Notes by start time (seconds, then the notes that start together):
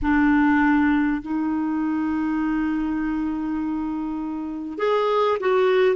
0.02 D4
1.22 D#4
4.78 G#4
5.39 F#4